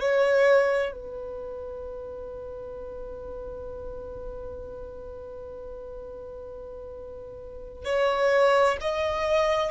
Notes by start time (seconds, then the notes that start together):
0.00 C#5
0.93 B4
7.85 C#5
8.81 D#5